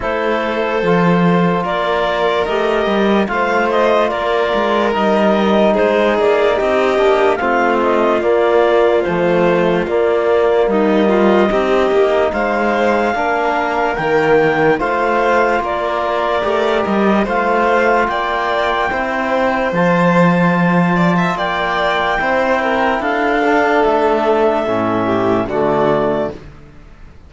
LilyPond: <<
  \new Staff \with { instrumentName = "clarinet" } { \time 4/4 \tempo 4 = 73 c''2 d''4 dis''4 | f''8 dis''8 d''4 dis''4 c''8 d''8 | dis''4 f''8 dis''8 d''4 c''4 | d''4 dis''2 f''4~ |
f''4 g''4 f''4 d''4~ | d''8 dis''8 f''4 g''2 | a''2 g''2 | f''4 e''2 d''4 | }
  \new Staff \with { instrumentName = "violin" } { \time 4/4 a'2 ais'2 | c''4 ais'2 gis'4 | g'4 f'2.~ | f'4 dis'8 f'8 g'4 c''4 |
ais'2 c''4 ais'4~ | ais'4 c''4 d''4 c''4~ | c''4. d''16 e''16 d''4 c''8 ais'8 | a'2~ a'8 g'8 fis'4 | }
  \new Staff \with { instrumentName = "trombone" } { \time 4/4 e'4 f'2 g'4 | f'2 dis'2~ | dis'8 d'8 c'4 ais4 f4 | ais2 dis'2 |
d'4 ais4 f'2 | g'4 f'2 e'4 | f'2. e'4~ | e'8 d'4. cis'4 a4 | }
  \new Staff \with { instrumentName = "cello" } { \time 4/4 a4 f4 ais4 a8 g8 | a4 ais8 gis8 g4 gis8 ais8 | c'8 ais8 a4 ais4 a4 | ais4 g4 c'8 ais8 gis4 |
ais4 dis4 a4 ais4 | a8 g8 a4 ais4 c'4 | f2 ais4 c'4 | d'4 a4 a,4 d4 | }
>>